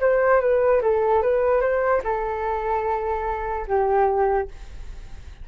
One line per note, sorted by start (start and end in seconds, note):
0.00 0.41 C5
0.41 0.81 B4
0.82 1.22 A4
1.22 1.61 B4
1.61 2.02 C5
2.04 3.66 A4
3.67 4.48 G4